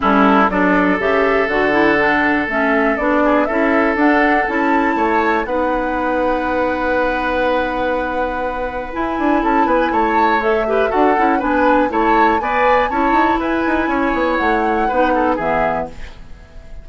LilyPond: <<
  \new Staff \with { instrumentName = "flute" } { \time 4/4 \tempo 4 = 121 a'4 d''4 e''4 fis''4~ | fis''4 e''4 d''4 e''4 | fis''4 a''2 fis''4~ | fis''1~ |
fis''2 gis''4 a''8 gis''8 | a''4 e''4 fis''4 gis''4 | a''4 gis''4 a''4 gis''4~ | gis''4 fis''2 e''4 | }
  \new Staff \with { instrumentName = "oboe" } { \time 4/4 e'4 a'2.~ | a'2~ a'8 gis'8 a'4~ | a'2 cis''4 b'4~ | b'1~ |
b'2. a'8 b'8 | cis''4. b'8 a'4 b'4 | cis''4 d''4 cis''4 b'4 | cis''2 b'8 a'8 gis'4 | }
  \new Staff \with { instrumentName = "clarinet" } { \time 4/4 cis'4 d'4 g'4 fis'8 e'8 | d'4 cis'4 d'4 e'4 | d'4 e'2 dis'4~ | dis'1~ |
dis'2 e'2~ | e'4 a'8 g'8 fis'8 e'8 d'4 | e'4 b'4 e'2~ | e'2 dis'4 b4 | }
  \new Staff \with { instrumentName = "bassoon" } { \time 4/4 g4 fis4 cis4 d4~ | d4 a4 b4 cis'4 | d'4 cis'4 a4 b4~ | b1~ |
b2 e'8 d'8 cis'8 b8 | a2 d'8 cis'8 b4 | a4 b4 cis'8 dis'8 e'8 dis'8 | cis'8 b8 a4 b4 e4 | }
>>